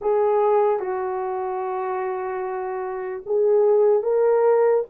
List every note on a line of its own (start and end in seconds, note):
0.01 0.79 G#4
0.79 3.22 F#4
3.26 4.02 G#4
4.02 4.84 A#4